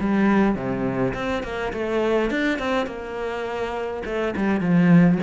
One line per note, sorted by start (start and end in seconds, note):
0.00 0.55 G3
0.55 1.13 C3
1.14 1.43 C4
1.43 1.72 A#3
1.73 2.30 A3
2.30 2.59 D4
2.59 2.86 C4
2.86 4.03 A#3
4.05 4.34 A3
4.36 4.60 G3
4.60 5.18 F3